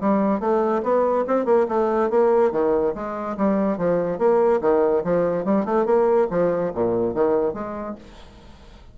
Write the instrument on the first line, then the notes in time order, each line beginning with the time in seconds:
bassoon
0.00 G3
0.40 A3
0.83 B3
1.27 C4
1.45 A#3
1.68 A3
2.10 A#3
2.51 D#3
2.94 G#3
3.37 G3
3.77 F3
4.18 A#3
4.61 D#3
5.03 F3
5.45 G3
5.65 A3
5.85 A#3
6.30 F3
6.74 A#2
7.14 D#3
7.53 G#3